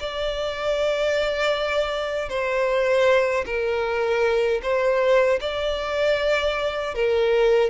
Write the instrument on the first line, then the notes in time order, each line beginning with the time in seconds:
violin
0.00 D5
2.29 C5
3.46 A#4
4.63 C5
5.41 D5
6.95 A#4